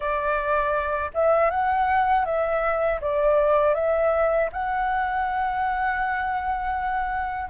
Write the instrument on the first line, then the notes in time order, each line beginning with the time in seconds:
flute
0.00 D5
1.14 E5
1.50 F#5
2.25 E5
3.00 D5
3.74 E5
4.52 F#5